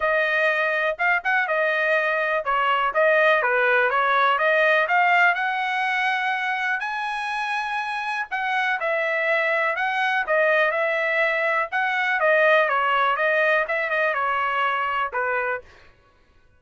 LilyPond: \new Staff \with { instrumentName = "trumpet" } { \time 4/4 \tempo 4 = 123 dis''2 f''8 fis''8 dis''4~ | dis''4 cis''4 dis''4 b'4 | cis''4 dis''4 f''4 fis''4~ | fis''2 gis''2~ |
gis''4 fis''4 e''2 | fis''4 dis''4 e''2 | fis''4 dis''4 cis''4 dis''4 | e''8 dis''8 cis''2 b'4 | }